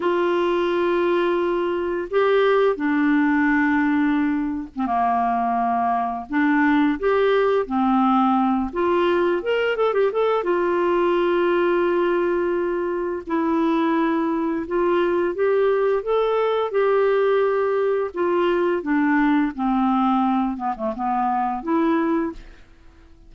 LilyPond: \new Staff \with { instrumentName = "clarinet" } { \time 4/4 \tempo 4 = 86 f'2. g'4 | d'2~ d'8. c'16 ais4~ | ais4 d'4 g'4 c'4~ | c'8 f'4 ais'8 a'16 g'16 a'8 f'4~ |
f'2. e'4~ | e'4 f'4 g'4 a'4 | g'2 f'4 d'4 | c'4. b16 a16 b4 e'4 | }